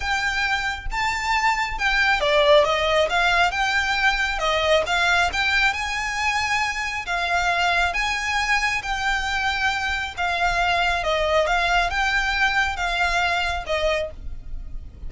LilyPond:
\new Staff \with { instrumentName = "violin" } { \time 4/4 \tempo 4 = 136 g''2 a''2 | g''4 d''4 dis''4 f''4 | g''2 dis''4 f''4 | g''4 gis''2. |
f''2 gis''2 | g''2. f''4~ | f''4 dis''4 f''4 g''4~ | g''4 f''2 dis''4 | }